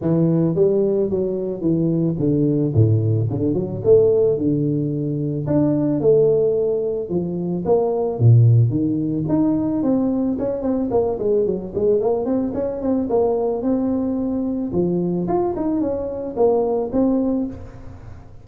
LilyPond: \new Staff \with { instrumentName = "tuba" } { \time 4/4 \tempo 4 = 110 e4 g4 fis4 e4 | d4 a,4 d8 fis8 a4 | d2 d'4 a4~ | a4 f4 ais4 ais,4 |
dis4 dis'4 c'4 cis'8 c'8 | ais8 gis8 fis8 gis8 ais8 c'8 cis'8 c'8 | ais4 c'2 f4 | f'8 dis'8 cis'4 ais4 c'4 | }